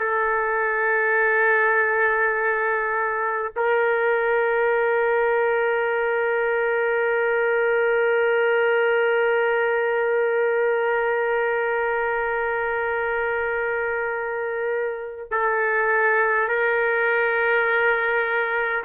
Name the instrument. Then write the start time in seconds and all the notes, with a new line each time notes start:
trumpet
0.00 A4
3.57 A#4
15.32 A4
16.49 A#4